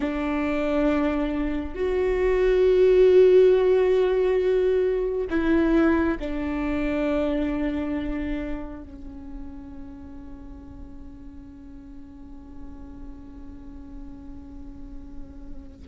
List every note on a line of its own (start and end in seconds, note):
0.00 1.74 D4
1.74 5.27 F#4
5.29 6.18 E4
6.19 8.83 D4
8.83 15.88 C#4